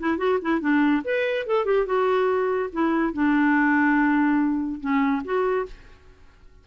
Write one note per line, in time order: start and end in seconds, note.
0.00 0.18 E4
0.18 0.39 F#4
0.42 0.61 E4
0.61 1.03 D4
1.05 1.47 B4
1.47 1.66 A4
1.66 1.87 G4
1.87 2.70 F#4
2.73 3.14 E4
3.14 4.81 D4
4.81 5.23 C#4
5.25 5.67 F#4